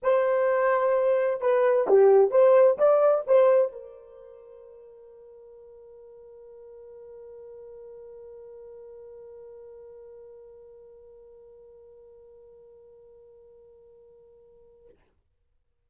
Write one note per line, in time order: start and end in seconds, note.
0.02 1.40 C5
1.40 1.87 B4
1.87 2.30 G4
2.30 2.77 C5
2.78 3.24 D5
3.26 3.72 C5
3.72 14.88 A#4